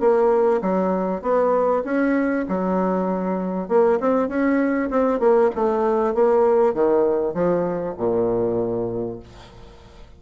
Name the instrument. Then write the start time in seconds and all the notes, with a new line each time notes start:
bassoon
0.00 A#3
0.62 F#3
1.22 B3
1.85 C#4
2.49 F#3
3.69 A#3
4.00 C4
4.28 C#4
4.91 C4
5.20 A#3
5.55 A3
6.14 A#3
6.74 D#3
7.34 F3
7.97 A#2